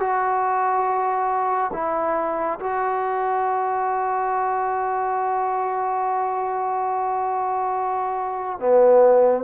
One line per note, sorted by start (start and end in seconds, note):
0.00 1.71 F#4
1.73 2.59 E4
2.60 8.60 F#4
8.60 9.44 B3